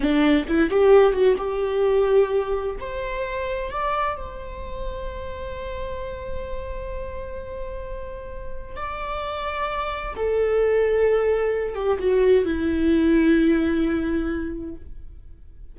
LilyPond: \new Staff \with { instrumentName = "viola" } { \time 4/4 \tempo 4 = 130 d'4 e'8 g'4 fis'8 g'4~ | g'2 c''2 | d''4 c''2.~ | c''1~ |
c''2. d''4~ | d''2 a'2~ | a'4. g'8 fis'4 e'4~ | e'1 | }